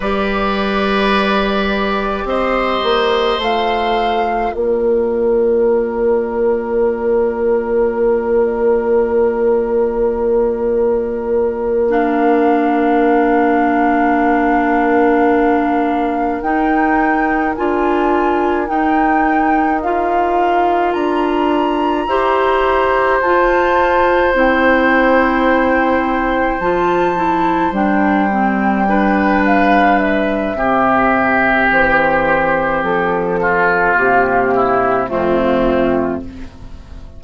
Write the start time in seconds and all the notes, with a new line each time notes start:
0.00 G3 G4 B4 D5
2.24 C4 C5 D#5
2.83 A#3
3.38 A3 F4 F5
4.52 A#3 A#4 D5
11.89 D4 F5
16.41 D#4 G5
17.54 D4 F4 G#5
18.67 D#4 G5
19.81 F4 F5
20.92 D4 A#5
22.06 E4 G4 C5
23.20 F4 A5
24.33 C4 E4 G5
26.59 F3 F4 A5
27.16 E4
27.71 G3 D4 G5
28.30 C4
28.87 D4 B4
29.45 F5
29.98 E5
30.54 C3 C4 G4
31.71 E3 C5
32.82 F3 A4
33.41 F4
33.95 C3 A#3 G4
34.54 E4
35.07 F2 A3 C4 F4